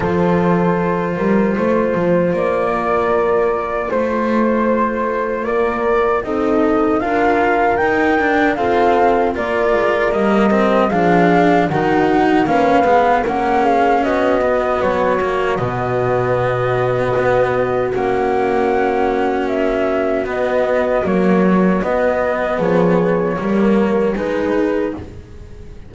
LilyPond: <<
  \new Staff \with { instrumentName = "flute" } { \time 4/4 \tempo 4 = 77 c''2. d''4~ | d''4 c''2 d''4 | dis''4 f''4 g''4 f''4 | d''4 dis''4 f''4 fis''4 |
f''4 fis''8 f''8 dis''4 cis''4 | dis''2. fis''4~ | fis''4 e''4 dis''4 cis''4 | dis''4 cis''2 b'4 | }
  \new Staff \with { instrumentName = "horn" } { \time 4/4 a'4. ais'8 c''4. ais'8~ | ais'4 c''2 ais'4 | a'4 ais'2 a'4 | ais'2 gis'4 fis'4 |
b'4 ais'8 gis'8 fis'2~ | fis'1~ | fis'1~ | fis'4 gis'4 ais'4 gis'4 | }
  \new Staff \with { instrumentName = "cello" } { \time 4/4 f'1~ | f'1 | dis'4 f'4 dis'8 d'8 c'4 | f'4 ais8 c'8 d'4 dis'4 |
cis'8 b8 cis'4. b4 ais8 | b2. cis'4~ | cis'2 b4 fis4 | b2 ais4 dis'4 | }
  \new Staff \with { instrumentName = "double bass" } { \time 4/4 f4. g8 a8 f8 ais4~ | ais4 a2 ais4 | c'4 d'4 dis'4 f'4 | ais8 gis8 g4 f4 dis4 |
ais8 gis8 ais4 b4 fis4 | b,2 b4 ais4~ | ais2 b4 ais4 | b4 f4 g4 gis4 | }
>>